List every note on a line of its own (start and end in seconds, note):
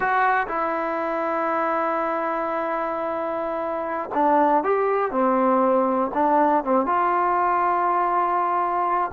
0.00 0.47 F#4
0.47 4.10 E4
4.14 4.63 D4
4.63 5.11 G4
5.11 6.11 C4
6.14 6.64 D4
6.64 6.86 C4
6.86 9.11 F4